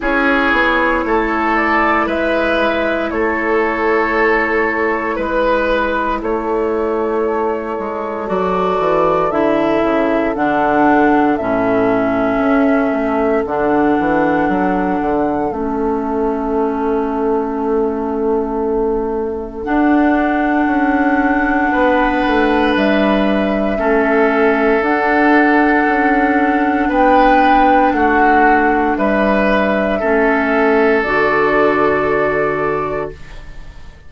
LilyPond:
<<
  \new Staff \with { instrumentName = "flute" } { \time 4/4 \tempo 4 = 58 cis''4. d''8 e''4 cis''4~ | cis''4 b'4 cis''2 | d''4 e''4 fis''4 e''4~ | e''4 fis''2 e''4~ |
e''2. fis''4~ | fis''2 e''2 | fis''2 g''4 fis''4 | e''2 d''2 | }
  \new Staff \with { instrumentName = "oboe" } { \time 4/4 gis'4 a'4 b'4 a'4~ | a'4 b'4 a'2~ | a'1~ | a'1~ |
a'1~ | a'4 b'2 a'4~ | a'2 b'4 fis'4 | b'4 a'2. | }
  \new Staff \with { instrumentName = "clarinet" } { \time 4/4 e'1~ | e'1 | fis'4 e'4 d'4 cis'4~ | cis'4 d'2 cis'4~ |
cis'2. d'4~ | d'2. cis'4 | d'1~ | d'4 cis'4 fis'2 | }
  \new Staff \with { instrumentName = "bassoon" } { \time 4/4 cis'8 b8 a4 gis4 a4~ | a4 gis4 a4. gis8 | fis8 e8 d8 cis8 d4 a,4 | cis'8 a8 d8 e8 fis8 d8 a4~ |
a2. d'4 | cis'4 b8 a8 g4 a4 | d'4 cis'4 b4 a4 | g4 a4 d2 | }
>>